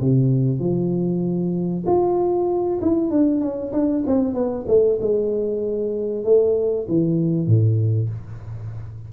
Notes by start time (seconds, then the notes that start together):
0.00 C3
0.59 F3
1.86 F4
2.81 E4
3.11 D4
3.41 C#4
3.72 D4
4.07 C4
4.34 B3
4.68 A3
5.01 G#3
6.24 A3
6.88 E3
7.47 A2